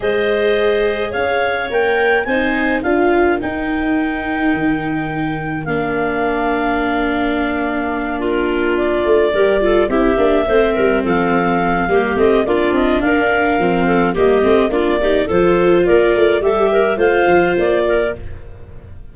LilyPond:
<<
  \new Staff \with { instrumentName = "clarinet" } { \time 4/4 \tempo 4 = 106 dis''2 f''4 g''4 | gis''4 f''4 g''2~ | g''2 f''2~ | f''2~ f''8 ais'4 d''8~ |
d''4. e''2 f''8~ | f''4. dis''8 d''8 dis''8 f''4~ | f''4 dis''4 d''4 c''4 | d''4 e''4 f''4 d''4 | }
  \new Staff \with { instrumentName = "clarinet" } { \time 4/4 c''2 cis''2 | c''4 ais'2.~ | ais'1~ | ais'2~ ais'8 f'4.~ |
f'8 ais'8 a'8 g'4 c''8 ais'8 a'8~ | a'4 g'4 f'4 ais'4~ | ais'8 a'8 g'4 f'8 g'8 a'4 | ais'4 a'8 ais'8 c''4. ais'8 | }
  \new Staff \with { instrumentName = "viola" } { \time 4/4 gis'2. ais'4 | dis'4 f'4 dis'2~ | dis'2 d'2~ | d'1~ |
d'8 g'8 f'8 e'8 d'8 c'4.~ | c'4 ais8 c'8 d'2 | c'4 ais8 c'8 d'8 dis'8 f'4~ | f'4 g'4 f'2 | }
  \new Staff \with { instrumentName = "tuba" } { \time 4/4 gis2 cis'4 ais4 | c'4 d'4 dis'2 | dis2 ais2~ | ais1 |
a8 g4 c'8 ais8 a8 g8 f8~ | f4 g8 a8 ais8 c'8 d'4 | f4 g8 a8 ais4 f4 | ais8 a8 g4 a8 f8 ais4 | }
>>